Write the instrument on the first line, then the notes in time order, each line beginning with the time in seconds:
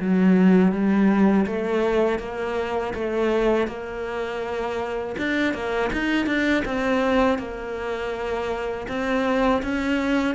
cello
0.00 F#3
0.72 G3
1.46 A3
2.19 A#3
2.94 A3
3.67 A#3
5.18 D4
5.54 A#3
5.93 D#4
6.26 D4
6.65 C4
7.39 A#3
8.88 C4
9.63 C#4